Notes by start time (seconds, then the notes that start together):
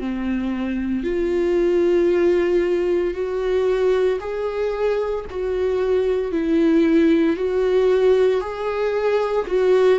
0.00 C4
1.04 F4
3.14 F#4
4.21 G#4
5.31 F#4
6.32 E4
7.37 F#4
8.42 G#4
9.47 F#4